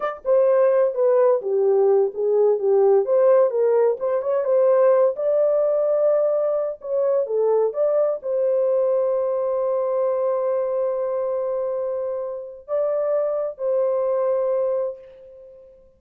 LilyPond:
\new Staff \with { instrumentName = "horn" } { \time 4/4 \tempo 4 = 128 d''8 c''4. b'4 g'4~ | g'8 gis'4 g'4 c''4 ais'8~ | ais'8 c''8 cis''8 c''4. d''4~ | d''2~ d''8 cis''4 a'8~ |
a'8 d''4 c''2~ c''8~ | c''1~ | c''2. d''4~ | d''4 c''2. | }